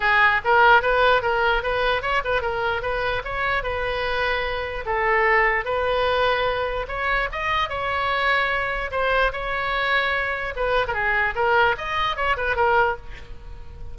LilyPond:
\new Staff \with { instrumentName = "oboe" } { \time 4/4 \tempo 4 = 148 gis'4 ais'4 b'4 ais'4 | b'4 cis''8 b'8 ais'4 b'4 | cis''4 b'2. | a'2 b'2~ |
b'4 cis''4 dis''4 cis''4~ | cis''2 c''4 cis''4~ | cis''2 b'8. ais'16 gis'4 | ais'4 dis''4 cis''8 b'8 ais'4 | }